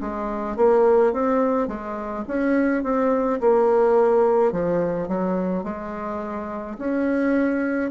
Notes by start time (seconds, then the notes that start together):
0.00 G#3
0.56 A#3
1.12 C4
1.67 G#3
2.27 C#4
2.83 C4
3.40 A#3
4.52 F3
5.08 F#3
5.63 G#3
6.78 C#4